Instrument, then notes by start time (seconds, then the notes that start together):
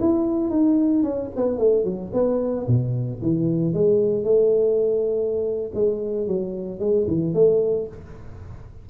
tuba
0.00 E4
0.50 D#4
1.03 C#4
1.36 B3
1.59 A3
1.84 F#3
2.13 B3
2.67 B2
3.22 E3
3.74 G#3
4.24 A3
5.74 G#3
6.27 F#3
6.80 G#3
7.07 E3
7.34 A3